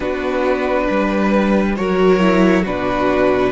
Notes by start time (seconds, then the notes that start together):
0.00 B3 D4 F#4 B4
0.85 G3 B4
1.75 F#3 F#4 A#4 C#5
2.19 E4
2.62 B2 D4 F#4 B4